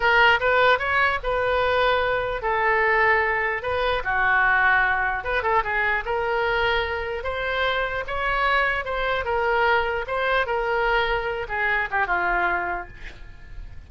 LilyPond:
\new Staff \with { instrumentName = "oboe" } { \time 4/4 \tempo 4 = 149 ais'4 b'4 cis''4 b'4~ | b'2 a'2~ | a'4 b'4 fis'2~ | fis'4 b'8 a'8 gis'4 ais'4~ |
ais'2 c''2 | cis''2 c''4 ais'4~ | ais'4 c''4 ais'2~ | ais'8 gis'4 g'8 f'2 | }